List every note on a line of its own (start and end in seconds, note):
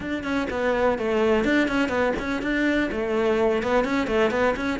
0.00 0.23 D4
0.23 0.47 C#4
0.50 0.98 B3
0.98 1.44 A3
1.44 1.68 D4
1.68 1.89 C#4
1.89 2.13 B3
2.19 2.42 C#4
2.42 2.90 D4
2.91 3.62 A3
3.62 3.84 B3
3.84 4.07 C#4
4.07 4.30 A3
4.30 4.54 B3
4.56 4.79 C#4